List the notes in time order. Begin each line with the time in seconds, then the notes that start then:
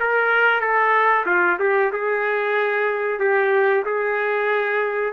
0.00 A#4
0.60 A4
1.26 F4
1.59 G4
1.92 G#4
3.19 G4
3.85 G#4